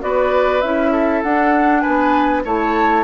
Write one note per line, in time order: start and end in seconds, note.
0.00 0.62 B3
0.00 0.61 F#4
0.00 0.92 B4
0.00 0.61 D5
0.61 1.23 C#4
0.61 1.24 E4
0.61 1.21 E5
0.92 1.82 A4
1.22 1.84 D4
1.22 2.45 D4
1.22 1.80 F#5
1.80 2.42 B4
1.80 2.41 G#5
1.87 2.44 B3
2.44 3.04 A3
2.44 3.04 E4
2.44 3.04 C#5
2.44 3.04 A5